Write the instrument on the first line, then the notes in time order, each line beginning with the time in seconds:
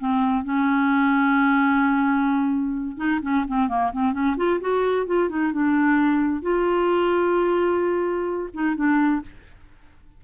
clarinet
0.00 C4
0.44 C#4
2.97 D#4
3.22 C#4
3.48 C4
3.69 A#3
3.93 C4
4.13 C#4
4.37 F4
4.61 F#4
5.07 F4
5.30 D#4
5.53 D4
6.42 F4
8.54 D#4
8.76 D4